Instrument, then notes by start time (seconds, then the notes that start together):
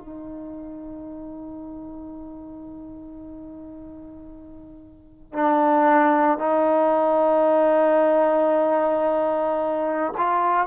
trombone
0.00 D#4
5.34 D4
6.38 D#4
10.18 F4